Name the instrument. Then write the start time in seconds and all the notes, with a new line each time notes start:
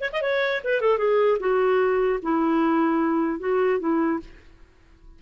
clarinet
0.00 C#5
0.12 D#5
0.21 C#5
0.64 B4
0.81 A4
0.97 G#4
1.39 F#4
2.22 E4
3.39 F#4
3.79 E4